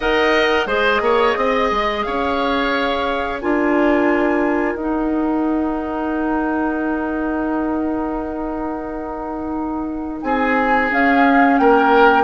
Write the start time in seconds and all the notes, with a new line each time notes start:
0.00 D#4 A#4 D#5 F#5
0.66 G#3 G#4 C5 D#5
1.00 A#3 C#5
1.36 C4 D#5
1.71 G#3
2.02 C#4 C#5 F5
3.40 D4 F4 A#4 G#5
4.74 D#4 F#5
10.21 C4 G#4 G#5
10.90 C#4 F5
11.57 A#3 A#4 G5